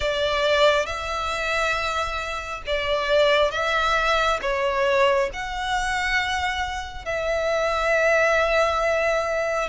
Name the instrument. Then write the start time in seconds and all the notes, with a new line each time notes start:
violin
0.00 D5
0.85 E5
2.66 D5
3.51 E5
4.41 C#5
5.33 F#5
7.05 E5